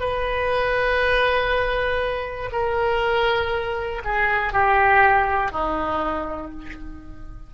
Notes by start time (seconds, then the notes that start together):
0.00 B4
2.52 A#4
4.05 G#4
4.52 G4
5.51 D#4